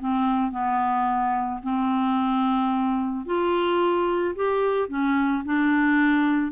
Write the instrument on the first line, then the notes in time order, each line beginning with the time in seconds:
clarinet
0.00 C4
0.52 B3
1.63 C4
3.26 F4
4.36 G4
4.89 C#4
5.45 D4